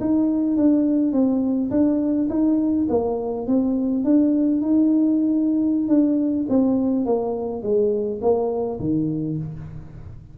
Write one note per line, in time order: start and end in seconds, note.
0.00 0.57 D#4
0.57 1.12 D4
1.12 1.70 C4
1.70 2.28 D4
2.29 2.87 D#4
2.89 3.47 A#3
3.47 4.04 C4
4.04 4.62 D4
4.62 5.88 D#4
5.88 6.46 D4
6.49 7.05 C4
7.05 7.62 A#3
7.62 8.20 G#3
8.22 8.79 A#3
8.80 9.37 D#3